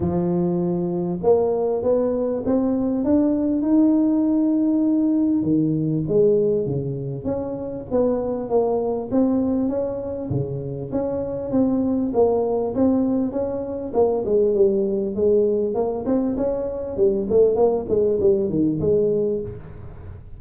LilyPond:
\new Staff \with { instrumentName = "tuba" } { \time 4/4 \tempo 4 = 99 f2 ais4 b4 | c'4 d'4 dis'2~ | dis'4 dis4 gis4 cis4 | cis'4 b4 ais4 c'4 |
cis'4 cis4 cis'4 c'4 | ais4 c'4 cis'4 ais8 gis8 | g4 gis4 ais8 c'8 cis'4 | g8 a8 ais8 gis8 g8 dis8 gis4 | }